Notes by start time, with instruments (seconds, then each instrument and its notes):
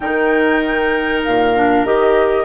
0.00 bassoon D#3, clarinet D#4, oboe A#4, flute G5
1.23 bassoon A#2, flute F5
1.55 clarinet D4
1.84 bassoon D#3, clarinet G4, flute D#5